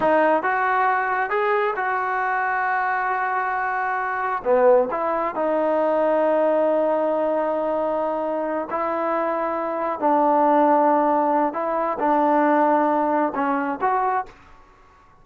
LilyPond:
\new Staff \with { instrumentName = "trombone" } { \time 4/4 \tempo 4 = 135 dis'4 fis'2 gis'4 | fis'1~ | fis'2 b4 e'4 | dis'1~ |
dis'2.~ dis'8 e'8~ | e'2~ e'8 d'4.~ | d'2 e'4 d'4~ | d'2 cis'4 fis'4 | }